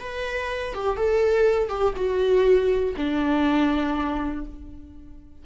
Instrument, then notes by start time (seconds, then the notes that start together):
viola
0.00 B4
0.74 G4
0.97 A4
1.69 G4
1.96 F#4
2.97 D4